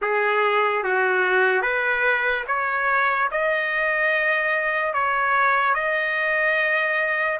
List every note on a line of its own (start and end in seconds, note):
0.01 0.83 G#4
0.83 1.62 F#4
1.62 2.44 B4
2.47 3.29 C#5
3.31 4.93 D#5
4.93 5.74 C#5
5.74 7.39 D#5